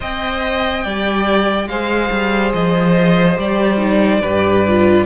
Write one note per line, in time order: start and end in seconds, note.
0.00 0.85 C4
0.00 0.85 C5
0.00 0.83 D#5
0.00 1.68 G5
0.83 1.67 G3
0.83 1.69 G4
0.83 1.68 D5
1.67 2.09 G#3
1.67 3.37 G#4
1.67 4.21 C5
1.67 2.52 F5
2.11 2.53 G3
2.53 3.38 F3
2.53 3.38 D#5
3.37 4.20 G3
3.37 3.77 G4
3.37 5.06 D5
3.77 4.19 D#4
4.20 5.05 G2
4.20 4.66 G4
4.20 5.05 B4
4.67 5.06 F4